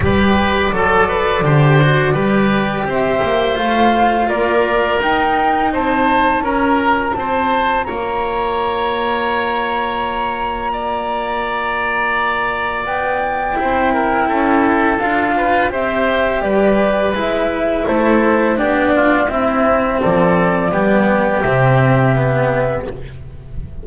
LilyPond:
<<
  \new Staff \with { instrumentName = "flute" } { \time 4/4 \tempo 4 = 84 d''1 | e''4 f''4 d''4 g''4 | a''4 ais''4 a''4 ais''4~ | ais''1~ |
ais''2 g''2~ | g''4 f''4 e''4 d''4 | e''4 c''4 d''4 e''4 | d''2 e''2 | }
  \new Staff \with { instrumentName = "oboe" } { \time 4/4 b'4 a'8 b'8 c''4 b'4 | c''2 ais'2 | c''4 ais'4 c''4 cis''4~ | cis''2. d''4~ |
d''2. c''8 ais'8 | a'4. b'8 c''4 b'4~ | b'4 a'4 g'8 f'8 e'4 | a'4 g'2. | }
  \new Staff \with { instrumentName = "cello" } { \time 4/4 g'4 a'4 g'8 fis'8 g'4~ | g'4 f'2 dis'4~ | dis'4 f'2.~ | f'1~ |
f'2. e'4~ | e'4 f'4 g'2 | e'2 d'4 c'4~ | c'4 b4 c'4 b4 | }
  \new Staff \with { instrumentName = "double bass" } { \time 4/4 g4 fis4 d4 g4 | c'8 ais8 a4 ais4 dis'4 | c'4 cis'4 c'4 ais4~ | ais1~ |
ais2 b4 c'4 | cis'4 d'4 c'4 g4 | gis4 a4 b4 c'4 | f4 g4 c2 | }
>>